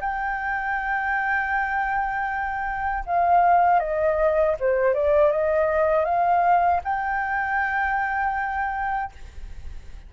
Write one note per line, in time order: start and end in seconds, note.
0.00 3.04 G5
3.06 3.79 F5
3.79 4.55 D#5
4.59 4.94 C5
4.94 5.31 D5
5.31 6.04 D#5
6.04 6.80 F5
6.84 9.11 G5